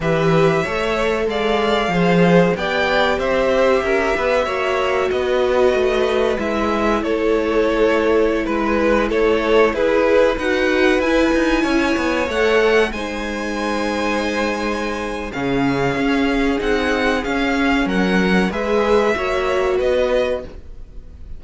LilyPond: <<
  \new Staff \with { instrumentName = "violin" } { \time 4/4 \tempo 4 = 94 e''2 f''2 | g''4 e''2. | dis''2 e''4 cis''4~ | cis''4~ cis''16 b'4 cis''4 b'8.~ |
b'16 fis''4 gis''2 fis''8.~ | fis''16 gis''2.~ gis''8. | f''2 fis''4 f''4 | fis''4 e''2 dis''4 | }
  \new Staff \with { instrumentName = "violin" } { \time 4/4 b'4 cis''4 d''4 c''4 | d''4 c''4 ais'8 b'8 cis''4 | b'2. a'4~ | a'4~ a'16 b'4 a'4 gis'8.~ |
gis'16 b'2 cis''4.~ cis''16~ | cis''16 c''2.~ c''8. | gis'1 | ais'4 b'4 cis''4 b'4 | }
  \new Staff \with { instrumentName = "viola" } { \time 4/4 g'4 a'2 gis'4 | g'2. fis'4~ | fis'2 e'2~ | e'1~ |
e'16 fis'4 e'2 a'8.~ | a'16 dis'2.~ dis'8. | cis'2 dis'4 cis'4~ | cis'4 gis'4 fis'2 | }
  \new Staff \with { instrumentName = "cello" } { \time 4/4 e4 a4 gis4 f4 | b4 c'4 cis'8 b8 ais4 | b4 a4 gis4 a4~ | a4~ a16 gis4 a4 e'8.~ |
e'16 dis'4 e'8 dis'8 cis'8 b8 a8.~ | a16 gis2.~ gis8. | cis4 cis'4 c'4 cis'4 | fis4 gis4 ais4 b4 | }
>>